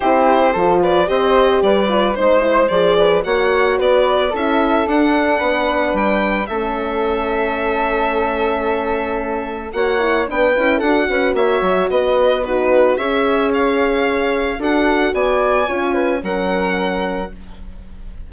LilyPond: <<
  \new Staff \with { instrumentName = "violin" } { \time 4/4 \tempo 4 = 111 c''4. d''8 dis''4 d''4 | c''4 d''4 fis''4 d''4 | e''4 fis''2 g''4 | e''1~ |
e''2 fis''4 g''4 | fis''4 e''4 dis''4 b'4 | e''4 f''2 fis''4 | gis''2 fis''2 | }
  \new Staff \with { instrumentName = "flute" } { \time 4/4 g'4 a'8 b'8 c''4 b'4 | c''4. b'8 cis''4 b'4 | a'2 b'2 | a'1~ |
a'2 cis''4 b'4 | a'8 b'8 cis''4 b'4 fis'4 | cis''2. a'4 | d''4 cis''8 b'8 ais'2 | }
  \new Staff \with { instrumentName = "horn" } { \time 4/4 e'4 f'4 g'4. f'8 | dis'8 e'8 gis'4 fis'2 | e'4 d'2. | cis'1~ |
cis'2 fis'8 e'8 d'8 e'8 | fis'2. dis'4 | gis'2. fis'4~ | fis'4 f'4 cis'2 | }
  \new Staff \with { instrumentName = "bassoon" } { \time 4/4 c'4 f4 c'4 g4 | gis4 f4 ais4 b4 | cis'4 d'4 b4 g4 | a1~ |
a2 ais4 b8 cis'8 | d'8 cis'8 ais8 fis8 b2 | cis'2. d'4 | b4 cis'4 fis2 | }
>>